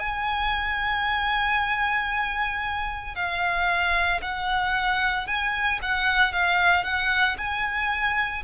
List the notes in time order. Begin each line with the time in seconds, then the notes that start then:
0.00 G#5
3.16 F5
4.22 F#5
5.27 G#5
5.83 F#5
6.33 F5
6.84 F#5
7.38 G#5